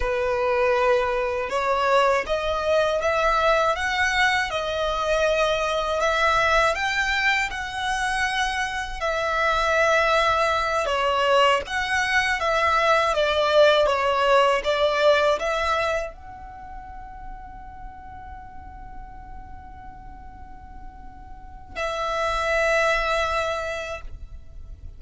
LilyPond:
\new Staff \with { instrumentName = "violin" } { \time 4/4 \tempo 4 = 80 b'2 cis''4 dis''4 | e''4 fis''4 dis''2 | e''4 g''4 fis''2 | e''2~ e''8 cis''4 fis''8~ |
fis''8 e''4 d''4 cis''4 d''8~ | d''8 e''4 fis''2~ fis''8~ | fis''1~ | fis''4 e''2. | }